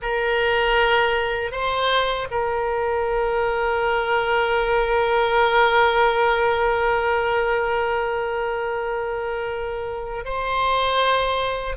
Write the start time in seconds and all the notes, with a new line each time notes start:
0.01 A#4
1.51 C5
2.30 A#4
10.24 C5